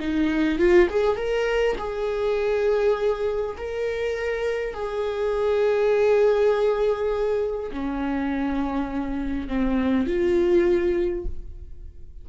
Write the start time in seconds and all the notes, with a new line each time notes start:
0.00 D#4
0.59 F4
0.90 G#4
1.17 A#4
1.78 G#4
3.58 A#4
4.74 G#4
7.72 C#4
9.48 C4
10.07 F4